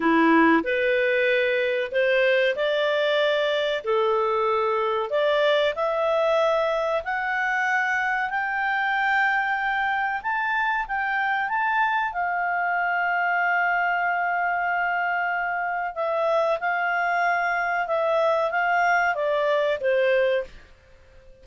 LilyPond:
\new Staff \with { instrumentName = "clarinet" } { \time 4/4 \tempo 4 = 94 e'4 b'2 c''4 | d''2 a'2 | d''4 e''2 fis''4~ | fis''4 g''2. |
a''4 g''4 a''4 f''4~ | f''1~ | f''4 e''4 f''2 | e''4 f''4 d''4 c''4 | }